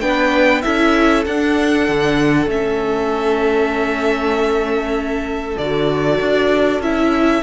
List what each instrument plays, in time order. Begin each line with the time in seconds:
0.00 cello B3, viola D4, violin B4 G5
0.61 cello C#4, viola E4, violin A4 E5
1.26 cello D4, viola D4, violin F#5
1.88 cello D3
2.47 cello A3, viola C#4, violin E5
5.57 cello D3, viola F#4, violin D5
6.21 cello D4
6.80 cello C#4, viola E4, violin E5